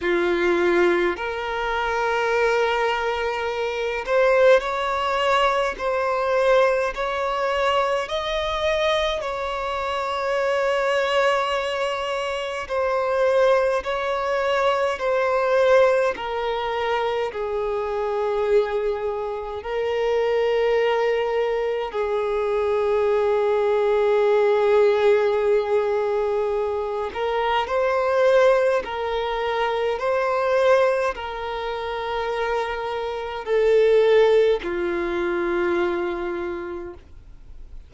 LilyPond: \new Staff \with { instrumentName = "violin" } { \time 4/4 \tempo 4 = 52 f'4 ais'2~ ais'8 c''8 | cis''4 c''4 cis''4 dis''4 | cis''2. c''4 | cis''4 c''4 ais'4 gis'4~ |
gis'4 ais'2 gis'4~ | gis'2.~ gis'8 ais'8 | c''4 ais'4 c''4 ais'4~ | ais'4 a'4 f'2 | }